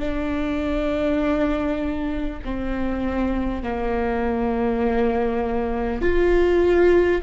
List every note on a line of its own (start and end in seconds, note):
0.00 2.40 D4
2.45 3.63 C4
3.63 6.02 A#3
6.02 7.22 F4